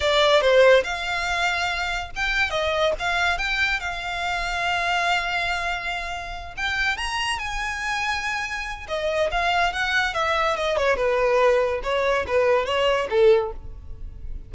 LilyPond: \new Staff \with { instrumentName = "violin" } { \time 4/4 \tempo 4 = 142 d''4 c''4 f''2~ | f''4 g''4 dis''4 f''4 | g''4 f''2.~ | f''2.~ f''8 g''8~ |
g''8 ais''4 gis''2~ gis''8~ | gis''4 dis''4 f''4 fis''4 | e''4 dis''8 cis''8 b'2 | cis''4 b'4 cis''4 a'4 | }